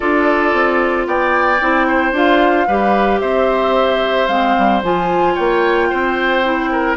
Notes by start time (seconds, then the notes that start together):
0.00 D4 F4 A4 D5
0.53 C4
1.06 B3 D5 G5
1.61 C4 E4
1.87 C5
2.12 D4 F4 F5
2.67 G3 G4 B4
3.20 C4 C5 E5
4.27 G#3 C4 F5
4.57 G3
4.82 F3 F4 G#5
5.34 A#3 C#5 G5
5.89 C4 C5
6.43 E4
6.71 A#4